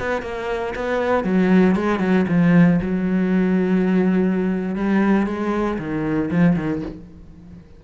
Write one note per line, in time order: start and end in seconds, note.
0.00 0.23 B3
0.23 0.74 A#3
0.76 1.25 B3
1.25 1.76 F#3
1.76 2.00 G#3
2.00 2.26 F#3
2.29 2.80 F3
2.82 4.76 F#3
4.76 5.27 G3
5.27 5.79 G#3
5.79 6.31 D#3
6.31 6.56 F3
6.56 6.82 D#3